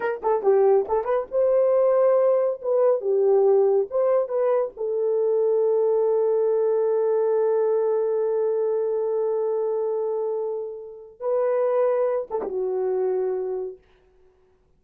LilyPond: \new Staff \with { instrumentName = "horn" } { \time 4/4 \tempo 4 = 139 ais'8 a'8 g'4 a'8 b'8 c''4~ | c''2 b'4 g'4~ | g'4 c''4 b'4 a'4~ | a'1~ |
a'1~ | a'1~ | a'2 b'2~ | b'8 a'16 g'16 fis'2. | }